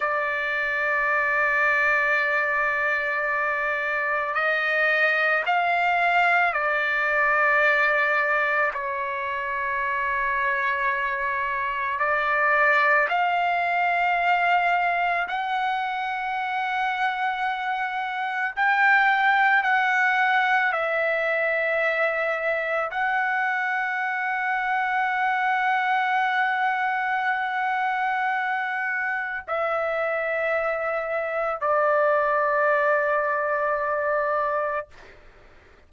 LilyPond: \new Staff \with { instrumentName = "trumpet" } { \time 4/4 \tempo 4 = 55 d''1 | dis''4 f''4 d''2 | cis''2. d''4 | f''2 fis''2~ |
fis''4 g''4 fis''4 e''4~ | e''4 fis''2.~ | fis''2. e''4~ | e''4 d''2. | }